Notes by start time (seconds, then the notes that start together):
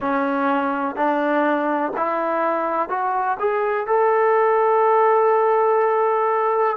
0.00 C#4
0.95 D4
1.97 E4
2.89 F#4
3.39 G#4
3.86 A4